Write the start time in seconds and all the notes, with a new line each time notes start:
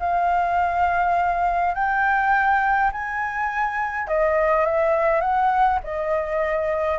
0.00 F5
1.75 G5
2.92 G#5
4.08 D#5
4.66 E5
5.21 F#5
5.84 D#5